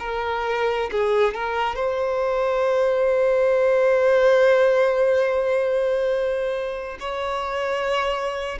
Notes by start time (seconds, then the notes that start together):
0.00 A#4
0.92 G#4
1.35 A#4
1.76 C5
7.00 C#5